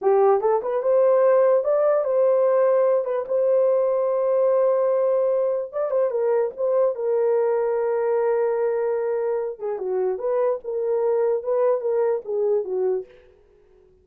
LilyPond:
\new Staff \with { instrumentName = "horn" } { \time 4/4 \tempo 4 = 147 g'4 a'8 b'8 c''2 | d''4 c''2~ c''8 b'8 | c''1~ | c''2 d''8 c''8 ais'4 |
c''4 ais'2.~ | ais'2.~ ais'8 gis'8 | fis'4 b'4 ais'2 | b'4 ais'4 gis'4 fis'4 | }